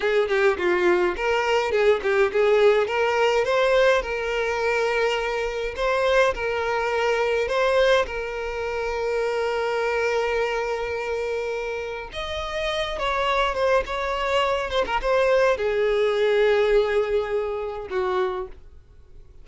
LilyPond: \new Staff \with { instrumentName = "violin" } { \time 4/4 \tempo 4 = 104 gis'8 g'8 f'4 ais'4 gis'8 g'8 | gis'4 ais'4 c''4 ais'4~ | ais'2 c''4 ais'4~ | ais'4 c''4 ais'2~ |
ais'1~ | ais'4 dis''4. cis''4 c''8 | cis''4. c''16 ais'16 c''4 gis'4~ | gis'2. fis'4 | }